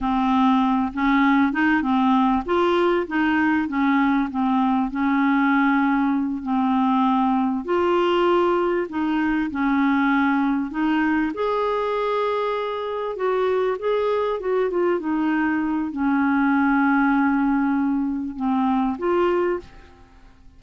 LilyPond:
\new Staff \with { instrumentName = "clarinet" } { \time 4/4 \tempo 4 = 98 c'4. cis'4 dis'8 c'4 | f'4 dis'4 cis'4 c'4 | cis'2~ cis'8 c'4.~ | c'8 f'2 dis'4 cis'8~ |
cis'4. dis'4 gis'4.~ | gis'4. fis'4 gis'4 fis'8 | f'8 dis'4. cis'2~ | cis'2 c'4 f'4 | }